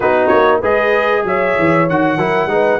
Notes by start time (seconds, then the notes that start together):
0.00 B3 D#4 F#4 B4
0.27 A#3 C#5
0.60 G#3 G#4 B4 D#5
1.24 F#3 C#5 E5
1.58 E3
1.89 D#3 F#4 F#5
2.17 F#3 E4 A#4
2.46 G#3 D#4 B4